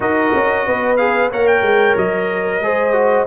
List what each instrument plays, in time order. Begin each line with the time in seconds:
0.00 tuba D#4, trombone F#4, horn A#4, trumpet D#5
0.34 tuba C#4
0.66 tuba B3, horn B4
0.96 trombone G#4, trumpet F5
1.31 tuba A#3, trombone A#4, horn C#5, trumpet F#5
1.47 trumpet G5
1.62 tuba G#3
1.96 tuba F#3, trumpet D#5
2.60 tuba G#3, trombone G#4, horn C5
2.93 trombone F#4